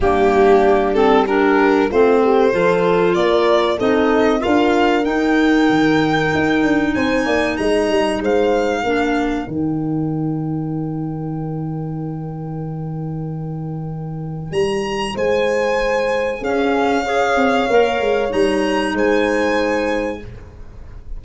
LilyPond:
<<
  \new Staff \with { instrumentName = "violin" } { \time 4/4 \tempo 4 = 95 g'4. a'8 ais'4 c''4~ | c''4 d''4 dis''4 f''4 | g''2. gis''4 | ais''4 f''2 g''4~ |
g''1~ | g''2. ais''4 | gis''2 f''2~ | f''4 ais''4 gis''2 | }
  \new Staff \with { instrumentName = "horn" } { \time 4/4 d'2 g'4 f'8 g'8 | a'4 ais'4 a'4 ais'4~ | ais'2. c''8 d''8 | dis''4 c''4 ais'2~ |
ais'1~ | ais'1 | c''2 gis'4 cis''4~ | cis''2 c''2 | }
  \new Staff \with { instrumentName = "clarinet" } { \time 4/4 ais4. c'8 d'4 c'4 | f'2 dis'4 f'4 | dis'1~ | dis'2 d'4 dis'4~ |
dis'1~ | dis'1~ | dis'2 cis'4 gis'4 | ais'4 dis'2. | }
  \new Staff \with { instrumentName = "tuba" } { \time 4/4 g2. a4 | f4 ais4 c'4 d'4 | dis'4 dis4 dis'8 d'8 c'8 ais8 | gis8 g8 gis4 ais4 dis4~ |
dis1~ | dis2. g4 | gis2 cis'4. c'8 | ais8 gis8 g4 gis2 | }
>>